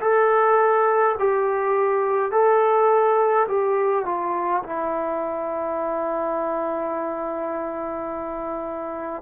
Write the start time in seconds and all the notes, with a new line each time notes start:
0.00 A4
1.19 G4
2.31 A4
3.48 G4
4.05 F4
4.63 E4